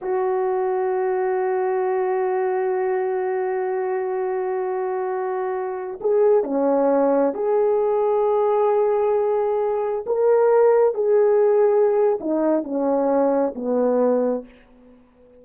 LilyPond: \new Staff \with { instrumentName = "horn" } { \time 4/4 \tempo 4 = 133 fis'1~ | fis'1~ | fis'1~ | fis'4~ fis'16 gis'4 cis'4.~ cis'16~ |
cis'16 gis'2.~ gis'8.~ | gis'2~ gis'16 ais'4.~ ais'16~ | ais'16 gis'2~ gis'8. dis'4 | cis'2 b2 | }